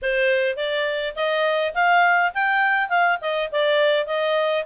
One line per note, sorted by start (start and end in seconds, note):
0.02 0.56 C5
0.56 1.14 D5
1.15 1.73 D#5
1.74 2.32 F5
2.34 2.89 G5
2.89 3.18 F5
3.21 3.50 D#5
3.51 4.06 D5
4.06 4.64 D#5